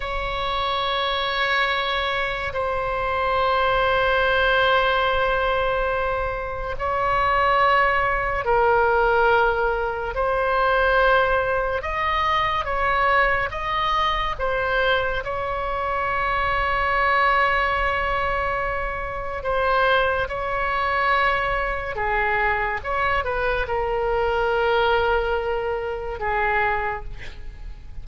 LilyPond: \new Staff \with { instrumentName = "oboe" } { \time 4/4 \tempo 4 = 71 cis''2. c''4~ | c''1 | cis''2 ais'2 | c''2 dis''4 cis''4 |
dis''4 c''4 cis''2~ | cis''2. c''4 | cis''2 gis'4 cis''8 b'8 | ais'2. gis'4 | }